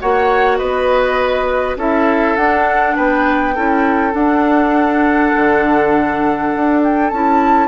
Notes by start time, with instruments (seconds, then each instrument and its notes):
0.00 bassoon A#3, clarinet F#4, oboe C#5, flute F#5
0.57 bassoon B3, oboe B4, flute D#5
1.76 bassoon C#4, clarinet E4, oboe A4, flute E5
2.36 bassoon D4, clarinet D4, flute F#5
2.96 bassoon B3, oboe B4, flute G5
3.55 bassoon C#4, clarinet E4, oboe A4
4.12 clarinet D4, bassoon D4, flute F#5
5.36 bassoon D3
6.55 bassoon D4
6.83 flute G5
7.10 bassoon C#4, clarinet E4, flute A5